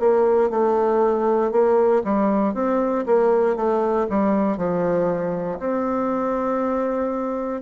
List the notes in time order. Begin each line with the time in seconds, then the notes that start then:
0.00 A#3
0.50 A3
1.52 A#3
2.04 G3
2.54 C4
3.06 A#3
3.56 A3
4.10 G3
4.58 F3
5.59 C4